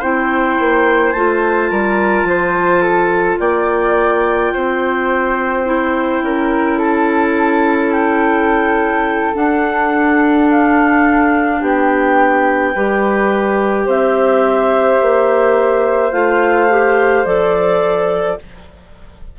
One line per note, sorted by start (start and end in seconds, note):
0.00 0.58 C4
0.00 1.15 E4
0.00 1.70 C5
0.00 1.12 G5
0.59 1.14 A#3
1.12 1.71 A3
1.12 5.66 F4
1.12 3.38 A5
1.70 2.24 G3
1.70 2.27 A#4
2.24 3.37 F3
2.24 2.81 C5
2.81 3.38 A4
3.39 4.53 A#3
3.39 4.53 D5
3.39 6.79 G5
4.54 6.21 C4
4.54 6.23 C5
5.66 9.34 E4
6.21 9.33 C#4
6.21 6.78 A#4
6.78 11.59 A4
6.78 7.92 A5
7.92 9.34 G5
9.34 12.73 D4
9.34 11.61 D4
9.34 10.50 F#5
10.50 11.63 F5
11.60 12.75 B3
11.60 12.73 G4
11.60 13.89 G5
12.75 13.87 G3
12.75 16.12 G4
12.75 13.85 B4
13.85 15.00 C4
13.85 18.38 C5
13.85 16.12 E5
15.01 16.12 A#3
16.12 17.25 A3
16.12 16.69 F4
16.12 17.25 F5
16.70 17.26 G4
17.25 18.38 F3
17.25 18.39 A4
17.25 18.38 D5